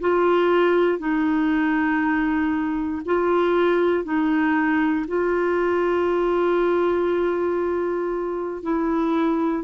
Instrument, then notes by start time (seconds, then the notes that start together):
clarinet
0.00 F4
0.98 D#4
3.05 F4
4.04 D#4
5.07 F4
8.63 E4